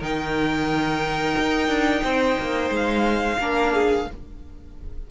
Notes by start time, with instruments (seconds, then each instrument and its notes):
0.00 cello D#3, viola D#4, violin A#4 G5
1.38 cello D#4
1.68 cello D4
2.04 cello C4, violin C5
2.40 cello A#3
2.70 cello G#3
2.76 violin F5
3.38 cello A#3, viola D4, violin A#4
3.73 violin G#4